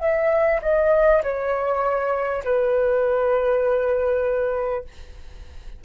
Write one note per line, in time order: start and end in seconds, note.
0.00 0.60 E5
0.63 1.23 D#5
1.23 2.43 C#5
2.45 4.85 B4